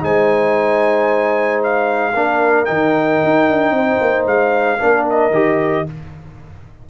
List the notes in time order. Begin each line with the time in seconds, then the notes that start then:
0.00 G#3 D#4 C5 G#5
1.63 F5
2.15 A#3 D4 A#4
2.65 D#3 D#4 G5
3.24 D#4
3.49 D4
3.70 C4 C5
4.01 A#3
4.26 G#3 F5
4.79 A#3 D4 A#4
5.10 D#5
5.31 D#3 G4